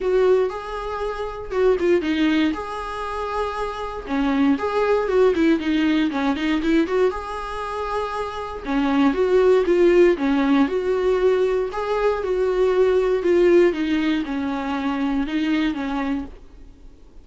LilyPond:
\new Staff \with { instrumentName = "viola" } { \time 4/4 \tempo 4 = 118 fis'4 gis'2 fis'8 f'8 | dis'4 gis'2. | cis'4 gis'4 fis'8 e'8 dis'4 | cis'8 dis'8 e'8 fis'8 gis'2~ |
gis'4 cis'4 fis'4 f'4 | cis'4 fis'2 gis'4 | fis'2 f'4 dis'4 | cis'2 dis'4 cis'4 | }